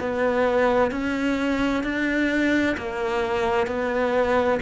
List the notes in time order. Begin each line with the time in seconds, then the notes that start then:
0.00 B3
0.91 C#4
1.84 D4
2.77 A#3
3.67 B3